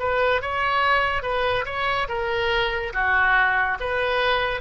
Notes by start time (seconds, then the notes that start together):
0.00 B4
0.41 C#5
1.23 B4
1.66 C#5
2.09 A#4
2.93 F#4
3.80 B4